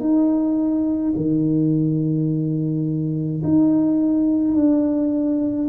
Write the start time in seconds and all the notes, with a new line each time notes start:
0.00 D#4
1.16 D#3
3.44 D#4
4.55 D4